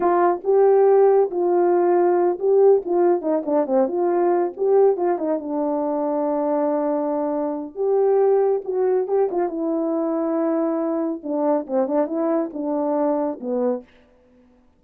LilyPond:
\new Staff \with { instrumentName = "horn" } { \time 4/4 \tempo 4 = 139 f'4 g'2 f'4~ | f'4. g'4 f'4 dis'8 | d'8 c'8 f'4. g'4 f'8 | dis'8 d'2.~ d'8~ |
d'2 g'2 | fis'4 g'8 f'8 e'2~ | e'2 d'4 c'8 d'8 | e'4 d'2 b4 | }